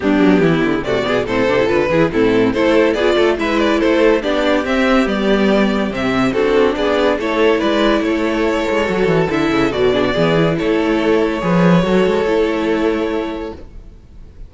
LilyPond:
<<
  \new Staff \with { instrumentName = "violin" } { \time 4/4 \tempo 4 = 142 g'2 d''4 c''4 | b'4 a'4 c''4 d''4 | e''8 d''8 c''4 d''4 e''4 | d''2 e''4 a'4 |
d''4 cis''4 d''4 cis''4~ | cis''2 e''4 d''4~ | d''4 cis''2.~ | cis''1 | }
  \new Staff \with { instrumentName = "violin" } { \time 4/4 d'4 e'4 fis'8 gis'8 a'4~ | a'8 gis'8 e'4 a'4 gis'8 a'8 | b'4 a'4 g'2~ | g'2. fis'4 |
gis'4 a'4 b'4 a'4~ | a'2.~ a'8 gis'16 fis'16 | gis'4 a'2 b'4 | a'1 | }
  \new Staff \with { instrumentName = "viola" } { \time 4/4 b2 a8 b8 c'8 d'16 e'16 | f'8 e'8 c'4 e'4 f'4 | e'2 d'4 c'4 | b2 c'4 d'4~ |
d'4 e'2.~ | e'4 fis'4 e'4 fis'8 d'8 | b8 e'2~ e'8 gis'4 | fis'4 e'2. | }
  \new Staff \with { instrumentName = "cello" } { \time 4/4 g8 fis8 e8 d8 c8 b,8 a,8 c8 | d8 e8 a,4 a4 b8 a8 | gis4 a4 b4 c'4 | g2 c4 c'4 |
b4 a4 gis4 a4~ | a8 gis8 fis8 e8 d8 cis8 b,4 | e4 a2 f4 | fis8 gis8 a2. | }
>>